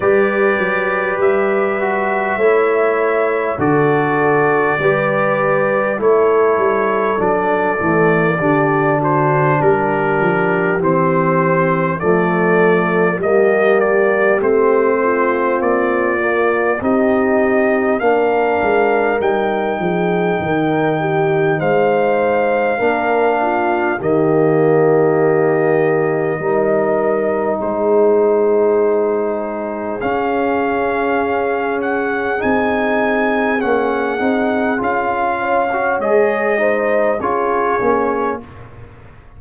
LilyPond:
<<
  \new Staff \with { instrumentName = "trumpet" } { \time 4/4 \tempo 4 = 50 d''4 e''2 d''4~ | d''4 cis''4 d''4. c''8 | ais'4 c''4 d''4 dis''8 d''8 | c''4 d''4 dis''4 f''4 |
g''2 f''2 | dis''2. c''4~ | c''4 f''4. fis''8 gis''4 | fis''4 f''4 dis''4 cis''4 | }
  \new Staff \with { instrumentName = "horn" } { \time 4/4 b'2 cis''4 a'4 | b'4 a'2 g'8 fis'8 | g'2 a'4 g'4~ | g'8 f'4. g'4 ais'4~ |
ais'8 gis'8 ais'8 g'8 c''4 ais'8 f'8 | g'2 ais'4 gis'4~ | gis'1~ | gis'4. cis''4 c''8 gis'4 | }
  \new Staff \with { instrumentName = "trombone" } { \time 4/4 g'4. fis'8 e'4 fis'4 | g'4 e'4 d'8 a8 d'4~ | d'4 c'4 a4 ais4 | c'4. ais8 dis'4 d'4 |
dis'2. d'4 | ais2 dis'2~ | dis'4 cis'2 dis'4 | cis'8 dis'8 f'8. fis'16 gis'8 dis'8 f'8 cis'8 | }
  \new Staff \with { instrumentName = "tuba" } { \time 4/4 g8 fis8 g4 a4 d4 | g4 a8 g8 fis8 e8 d4 | g8 f8 e4 f4 g4 | a4 ais4 c'4 ais8 gis8 |
g8 f8 dis4 gis4 ais4 | dis2 g4 gis4~ | gis4 cis'2 c'4 | ais8 c'8 cis'4 gis4 cis'8 ais8 | }
>>